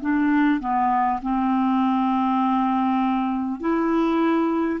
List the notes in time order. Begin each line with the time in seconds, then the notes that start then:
0.00 D4
0.60 B3
1.22 C4
3.59 E4